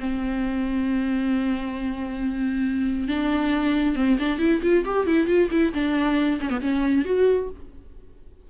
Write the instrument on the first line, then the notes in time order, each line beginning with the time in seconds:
viola
0.00 C4
3.08 D4
3.96 C4
4.20 D4
4.39 E4
4.63 F4
4.85 G4
5.07 E4
5.28 F4
5.51 E4
5.74 D4
6.41 C#4
6.50 B3
6.61 C#4
7.05 F#4